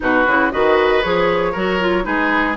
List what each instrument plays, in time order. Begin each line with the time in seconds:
0.00 bassoon B2, clarinet D#4, oboe F#4, flute B4
0.27 bassoon C#3, clarinet E4
0.51 bassoon D#3, clarinet F#4, oboe B4, flute D#5
1.02 bassoon F3, clarinet G#4, flute C#5
1.52 bassoon F#3, clarinet F#4, oboe A#4
1.80 clarinet F4
2.03 bassoon G#3, clarinet D#4, oboe G#4, flute B4